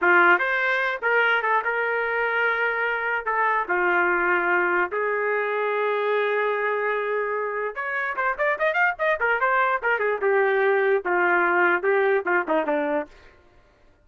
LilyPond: \new Staff \with { instrumentName = "trumpet" } { \time 4/4 \tempo 4 = 147 f'4 c''4. ais'4 a'8 | ais'1 | a'4 f'2. | gis'1~ |
gis'2. cis''4 | c''8 d''8 dis''8 f''8 dis''8 ais'8 c''4 | ais'8 gis'8 g'2 f'4~ | f'4 g'4 f'8 dis'8 d'4 | }